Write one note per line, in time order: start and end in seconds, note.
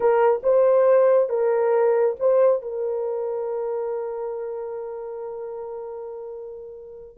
0.00 0.41 A#4
0.43 1.29 C5
1.29 2.16 A#4
2.19 2.62 C5
2.62 7.17 A#4